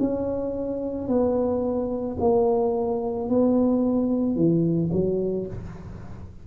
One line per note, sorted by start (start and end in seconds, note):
0.00 1.08 C#4
1.08 2.17 B3
2.20 3.29 A#3
3.29 4.36 B3
4.36 4.90 E3
4.92 5.47 F#3